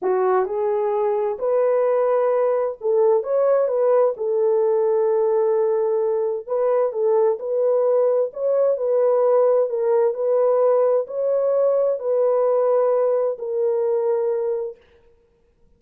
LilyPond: \new Staff \with { instrumentName = "horn" } { \time 4/4 \tempo 4 = 130 fis'4 gis'2 b'4~ | b'2 a'4 cis''4 | b'4 a'2.~ | a'2 b'4 a'4 |
b'2 cis''4 b'4~ | b'4 ais'4 b'2 | cis''2 b'2~ | b'4 ais'2. | }